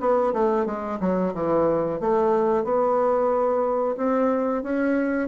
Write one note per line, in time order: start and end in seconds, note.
0.00 0.33 B3
0.33 0.66 A3
0.66 0.99 G#3
1.00 1.33 F#3
1.34 2.00 E3
2.00 2.64 A3
2.64 3.96 B3
3.97 4.63 C4
4.63 5.28 C#4